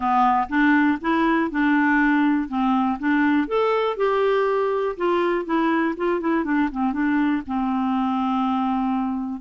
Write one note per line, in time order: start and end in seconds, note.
0.00 0.47 B3
0.48 0.98 D4
1.01 1.50 E4
1.50 2.48 D4
2.48 2.98 C4
2.99 3.47 D4
3.47 3.96 A4
3.96 4.95 G4
4.96 5.45 F4
5.45 5.94 E4
5.96 6.20 F4
6.20 6.44 E4
6.44 6.69 D4
6.71 6.93 C4
6.93 7.42 D4
7.46 9.40 C4